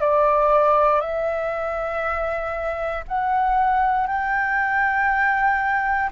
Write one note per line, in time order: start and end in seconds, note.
0.00 1.00 D5
1.00 3.04 E5
3.08 4.07 F#5
4.07 6.10 G5